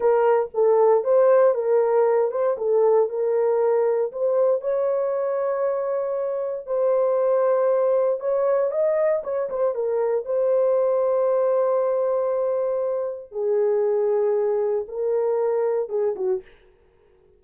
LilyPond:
\new Staff \with { instrumentName = "horn" } { \time 4/4 \tempo 4 = 117 ais'4 a'4 c''4 ais'4~ | ais'8 c''8 a'4 ais'2 | c''4 cis''2.~ | cis''4 c''2. |
cis''4 dis''4 cis''8 c''8 ais'4 | c''1~ | c''2 gis'2~ | gis'4 ais'2 gis'8 fis'8 | }